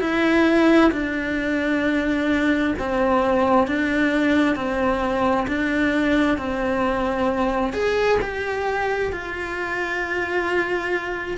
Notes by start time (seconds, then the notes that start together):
0.00 E4
0.92 D4
2.79 C4
3.67 D4
4.55 C4
5.48 D4
6.38 C4
7.73 G#4
8.21 G4
9.12 F4